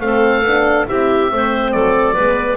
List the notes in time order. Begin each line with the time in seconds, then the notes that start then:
0.00 A3 C4 A4 F5
0.42 B3 D4
0.87 C4 E4 G4 E5
1.30 A3 C4 C5
1.71 F#3 A4 D5
2.14 G#3 B3 B4